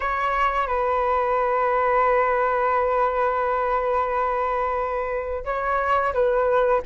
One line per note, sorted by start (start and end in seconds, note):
0.00 0.67 C#5
0.67 5.44 B4
5.45 6.13 C#5
6.13 6.81 B4